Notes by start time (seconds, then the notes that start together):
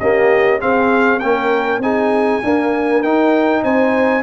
0.00 A#3 C#4 G4 D#5
0.60 C4 G#4 F5
1.20 A#3 C#4 A#4 G5
1.79 C4 D#4 G#4 G#5
2.44 A#3 D4 A#4
3.03 D#4 G5
3.64 C4 C5 G#5